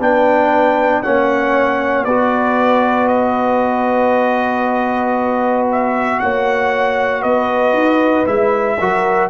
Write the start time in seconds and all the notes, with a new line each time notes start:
0.00 B3 D4 B4 G5
1.03 A#3 C#4 C#5 F#5
2.05 B3 F#4 B4 D5
3.08 D#5
5.72 E5
6.20 A#3 C#5 F#5
7.22 B3 B4 D#5
7.73 D#4
8.27 G#3 E4 E5
8.80 F#3 F#4 A#4